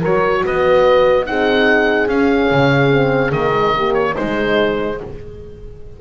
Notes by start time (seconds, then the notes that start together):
0.00 F#3 F#4 A#4 C#5
0.45 B3 B4 D#5
1.25 C4 D#4 G#4 F#5
2.07 C#4 F5
2.51 C#3
2.90 C4
3.31 D#3 A#3 D#5
3.52 G#3
3.74 A#3 G4
3.93 C#5
4.13 G#3 D#4 C5